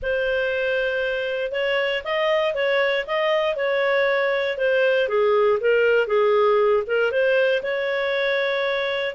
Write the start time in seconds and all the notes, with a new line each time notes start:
0.02 C5
1.51 C#5
2.04 D#5
2.54 C#5
3.06 D#5
3.56 C#5
4.57 C5
5.08 G#4
5.60 A#4
6.07 G#4
6.86 A#4
7.11 C5
7.62 C#5